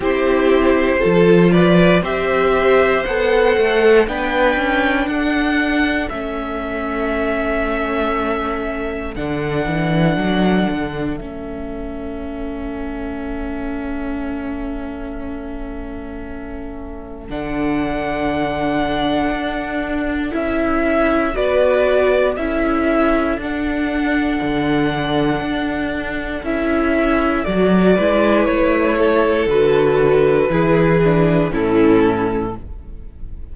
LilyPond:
<<
  \new Staff \with { instrumentName = "violin" } { \time 4/4 \tempo 4 = 59 c''4. d''8 e''4 fis''4 | g''4 fis''4 e''2~ | e''4 fis''2 e''4~ | e''1~ |
e''4 fis''2. | e''4 d''4 e''4 fis''4~ | fis''2 e''4 d''4 | cis''4 b'2 a'4 | }
  \new Staff \with { instrumentName = "violin" } { \time 4/4 g'4 a'8 b'8 c''2 | b'4 a'2.~ | a'1~ | a'1~ |
a'1~ | a'4 b'4 a'2~ | a'2.~ a'8 b'8~ | b'8 a'4. gis'4 e'4 | }
  \new Staff \with { instrumentName = "viola" } { \time 4/4 e'4 f'4 g'4 a'4 | d'2 cis'2~ | cis'4 d'2 cis'4~ | cis'1~ |
cis'4 d'2. | e'4 fis'4 e'4 d'4~ | d'2 e'4 fis'8 e'8~ | e'4 fis'4 e'8 d'8 cis'4 | }
  \new Staff \with { instrumentName = "cello" } { \time 4/4 c'4 f4 c'4 b8 a8 | b8 cis'8 d'4 a2~ | a4 d8 e8 fis8 d8 a4~ | a1~ |
a4 d2 d'4 | cis'4 b4 cis'4 d'4 | d4 d'4 cis'4 fis8 gis8 | a4 d4 e4 a,4 | }
>>